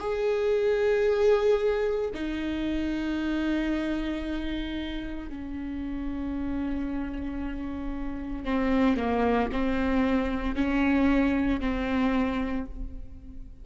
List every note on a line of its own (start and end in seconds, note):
0.00 2.11 G#4
2.14 5.30 D#4
5.30 8.45 C#4
8.45 8.97 C4
8.97 9.50 A#3
9.52 10.56 C4
10.56 11.60 C#4
11.60 12.66 C4